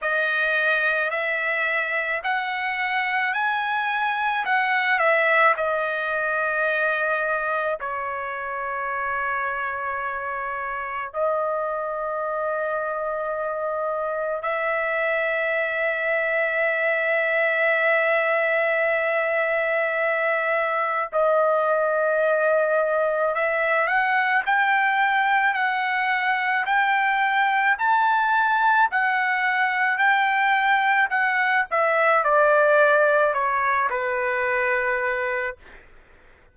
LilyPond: \new Staff \with { instrumentName = "trumpet" } { \time 4/4 \tempo 4 = 54 dis''4 e''4 fis''4 gis''4 | fis''8 e''8 dis''2 cis''4~ | cis''2 dis''2~ | dis''4 e''2.~ |
e''2. dis''4~ | dis''4 e''8 fis''8 g''4 fis''4 | g''4 a''4 fis''4 g''4 | fis''8 e''8 d''4 cis''8 b'4. | }